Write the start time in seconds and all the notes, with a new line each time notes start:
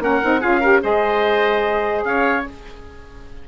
0.00 A#3 C#4 A#4 F#5
0.23 C4 D#4
0.41 C#4 F4 G#4 F5
0.60 G4 A#4
0.82 G#3 G#4 C5 D#5
2.04 C#4 C#5 F5